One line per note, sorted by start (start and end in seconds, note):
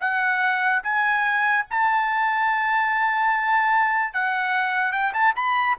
0.00 0.82 F#5
0.83 1.65 G#5
1.70 4.13 A5
4.13 4.92 F#5
4.92 5.13 G5
5.13 5.34 A5
5.35 5.76 B5